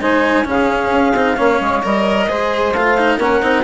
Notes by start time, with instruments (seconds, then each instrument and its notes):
0.00 bassoon G#3, cello D#4, saxophone C5, clarinet G#5
0.45 bassoon C#3, cello C#4, saxophone G#4, clarinet F5
0.91 bassoon C#4
1.14 bassoon C4, cello D#4
1.36 bassoon A#3, cello C#4, saxophone C#5
1.60 bassoon G#3
1.83 bassoon G3, cello A#4, clarinet D#5
2.28 bassoon G#3, cello G#4, saxophone C5
2.73 bassoon A3, cello F4, clarinet F5
2.98 cello D#4
3.18 bassoon A#3, cello C#4, saxophone A#4, clarinet F#5
3.42 bassoon C4, cello D#4